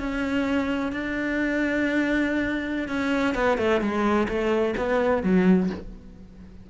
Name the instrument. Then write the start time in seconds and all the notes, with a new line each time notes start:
cello
0.00 C#4
0.93 D4
2.89 C#4
3.35 B3
3.58 A3
3.81 G#3
4.29 A3
4.78 B3
5.24 F#3